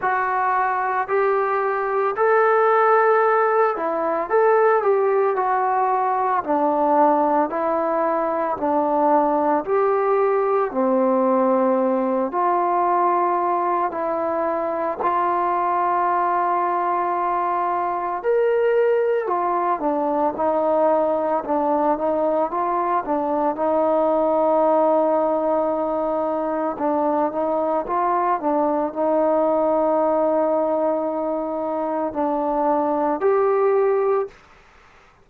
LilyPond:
\new Staff \with { instrumentName = "trombone" } { \time 4/4 \tempo 4 = 56 fis'4 g'4 a'4. e'8 | a'8 g'8 fis'4 d'4 e'4 | d'4 g'4 c'4. f'8~ | f'4 e'4 f'2~ |
f'4 ais'4 f'8 d'8 dis'4 | d'8 dis'8 f'8 d'8 dis'2~ | dis'4 d'8 dis'8 f'8 d'8 dis'4~ | dis'2 d'4 g'4 | }